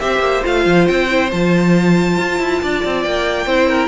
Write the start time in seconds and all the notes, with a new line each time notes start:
0.00 C4 G4 C5 E5
0.19 A#3
0.43 A3 F4 F5
0.66 F3
0.88 C4 G5
1.09 E4
1.32 F3 F4 A5
2.19 F4
2.40 E4
2.63 D4 D5
2.85 C4
3.03 A#3 G5
3.47 C4 E4 C5
3.69 A#4